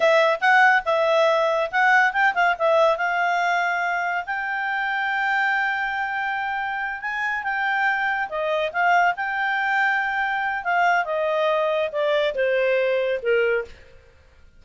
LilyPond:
\new Staff \with { instrumentName = "clarinet" } { \time 4/4 \tempo 4 = 141 e''4 fis''4 e''2 | fis''4 g''8 f''8 e''4 f''4~ | f''2 g''2~ | g''1~ |
g''8 gis''4 g''2 dis''8~ | dis''8 f''4 g''2~ g''8~ | g''4 f''4 dis''2 | d''4 c''2 ais'4 | }